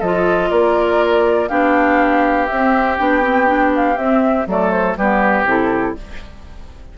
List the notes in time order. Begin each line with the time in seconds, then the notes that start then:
0.00 F3 F4 A4 D#5
0.51 A#3 A#4 D5
1.49 B3 D4 G4 F5
2.47 C4 E5
2.98 B3 D4 G5
3.22 C4
3.47 D4
3.76 F5
3.97 C4 E5
4.47 F#3 A3 A4 D5
4.71 C5
4.97 G3 B3 G4 B4
5.45 C3 E4 A4